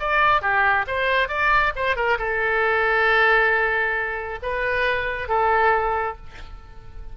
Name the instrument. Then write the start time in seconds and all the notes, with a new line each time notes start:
oboe
0.00 D5
0.42 G4
0.87 C5
1.29 D5
1.76 C5
1.96 A#4
2.19 A4
4.43 B4
5.29 A4